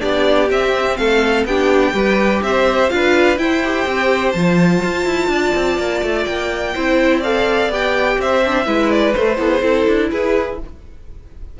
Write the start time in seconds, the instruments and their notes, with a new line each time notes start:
0.00 cello B3, viola D4, violin G4 D5
0.51 cello C4, viola C4, violin E5
0.97 cello A3, violin A4 F5
1.45 cello B3, viola D4, violin G4 G5
1.94 cello G3, viola G4, violin B4
2.43 cello C4, violin C5 E5
2.90 cello D4, viola F4, violin B4 F5
3.38 viola E4, cello E4, violin C5 G5
3.65 viola G4
3.86 cello C4
4.32 cello F3, viola F4, violin A5
4.84 cello F4
5.06 cello E4
5.29 cello D4, violin D5
5.55 cello C4
5.78 cello A#3
6.03 cello A3
6.25 cello A#3, violin G5
6.75 cello C4, viola E4, violin C5
7.20 viola A4, violin D5 F5
7.69 cello B3, viola G4, violin G5
8.19 cello C4, violin C5 E5
8.46 viola D4
8.66 cello G#3, viola E4, violin B4
8.92 violin D5
9.14 cello A3, viola A3, violin C5
9.37 viola E3, cello B3, violin A4
9.51 violin G#4
9.62 cello C4, viola E4, violin A4
9.88 cello D4
10.11 cello E4, violin G#4 B4